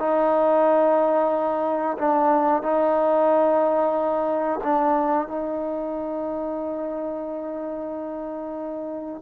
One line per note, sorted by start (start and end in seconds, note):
0.00 1.98 D#4
1.99 2.63 D4
2.63 4.61 D#4
4.64 5.28 D4
5.28 9.23 D#4